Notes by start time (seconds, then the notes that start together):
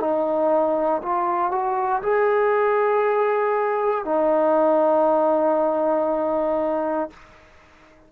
0.00 D#4
1.03 F4
1.52 F#4
2.03 G#4
4.05 D#4